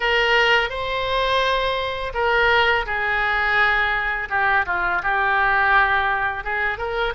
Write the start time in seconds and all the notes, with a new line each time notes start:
0.00 A#4
0.69 C5
2.14 A#4
2.86 G#4
4.29 G4
4.66 F4
5.02 G4
6.44 G#4
6.78 A#4